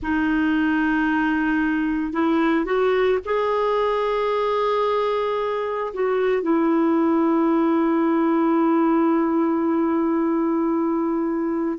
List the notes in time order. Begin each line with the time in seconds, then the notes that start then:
0.02 D#4
2.12 E4
2.65 F#4
3.25 G#4
5.93 F#4
6.42 E4